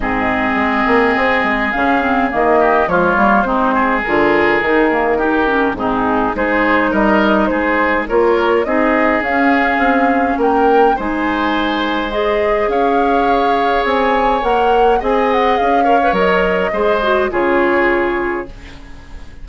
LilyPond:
<<
  \new Staff \with { instrumentName = "flute" } { \time 4/4 \tempo 4 = 104 dis''2. f''4 | dis''4 cis''4 c''4 ais'4~ | ais'2 gis'4 c''4 | dis''4 c''4 cis''4 dis''4 |
f''2 g''4 gis''4~ | gis''4 dis''4 f''2 | gis''4 fis''4 gis''8 fis''8 f''4 | dis''2 cis''2 | }
  \new Staff \with { instrumentName = "oboe" } { \time 4/4 gis'1~ | gis'8 g'8 f'4 dis'8 gis'4.~ | gis'4 g'4 dis'4 gis'4 | ais'4 gis'4 ais'4 gis'4~ |
gis'2 ais'4 c''4~ | c''2 cis''2~ | cis''2 dis''4. cis''8~ | cis''4 c''4 gis'2 | }
  \new Staff \with { instrumentName = "clarinet" } { \time 4/4 c'2. cis'8 c'8 | ais4 gis8 ais8 c'4 f'4 | dis'8 ais8 dis'8 cis'8 c'4 dis'4~ | dis'2 f'4 dis'4 |
cis'2. dis'4~ | dis'4 gis'2.~ | gis'4 ais'4 gis'4. ais'16 b'16 | ais'4 gis'8 fis'8 f'2 | }
  \new Staff \with { instrumentName = "bassoon" } { \time 4/4 gis,4 gis8 ais8 c'8 gis8 cis4 | dis4 f8 g8 gis4 d4 | dis2 gis,4 gis4 | g4 gis4 ais4 c'4 |
cis'4 c'4 ais4 gis4~ | gis2 cis'2 | c'4 ais4 c'4 cis'4 | fis4 gis4 cis2 | }
>>